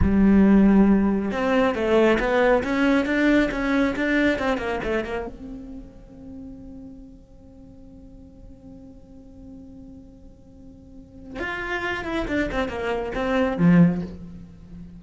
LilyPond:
\new Staff \with { instrumentName = "cello" } { \time 4/4 \tempo 4 = 137 g2. c'4 | a4 b4 cis'4 d'4 | cis'4 d'4 c'8 ais8 a8 ais8 | c'1~ |
c'1~ | c'1~ | c'2 f'4. e'8 | d'8 c'8 ais4 c'4 f4 | }